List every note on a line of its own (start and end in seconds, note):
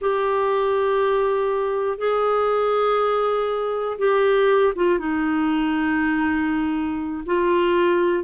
0.00 1.98 G4
1.98 3.98 G#4
3.98 4.73 G4
4.75 4.99 F4
4.99 7.24 D#4
7.25 8.24 F4